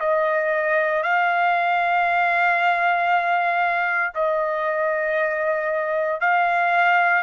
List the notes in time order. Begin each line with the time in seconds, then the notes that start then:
0.00 D#5
1.03 F5
4.15 D#5
6.21 F5